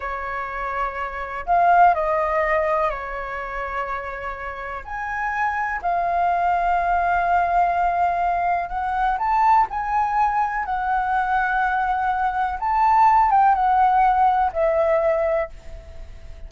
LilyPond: \new Staff \with { instrumentName = "flute" } { \time 4/4 \tempo 4 = 124 cis''2. f''4 | dis''2 cis''2~ | cis''2 gis''2 | f''1~ |
f''2 fis''4 a''4 | gis''2 fis''2~ | fis''2 a''4. g''8 | fis''2 e''2 | }